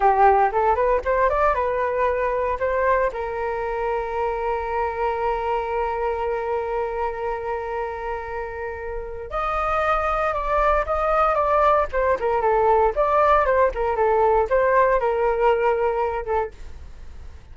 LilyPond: \new Staff \with { instrumentName = "flute" } { \time 4/4 \tempo 4 = 116 g'4 a'8 b'8 c''8 d''8 b'4~ | b'4 c''4 ais'2~ | ais'1~ | ais'1~ |
ais'2 dis''2 | d''4 dis''4 d''4 c''8 ais'8 | a'4 d''4 c''8 ais'8 a'4 | c''4 ais'2~ ais'8 a'8 | }